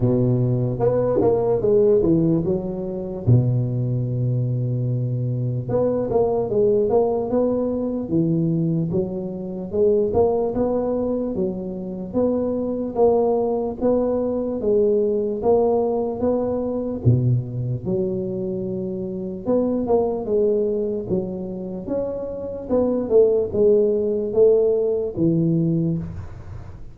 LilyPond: \new Staff \with { instrumentName = "tuba" } { \time 4/4 \tempo 4 = 74 b,4 b8 ais8 gis8 e8 fis4 | b,2. b8 ais8 | gis8 ais8 b4 e4 fis4 | gis8 ais8 b4 fis4 b4 |
ais4 b4 gis4 ais4 | b4 b,4 fis2 | b8 ais8 gis4 fis4 cis'4 | b8 a8 gis4 a4 e4 | }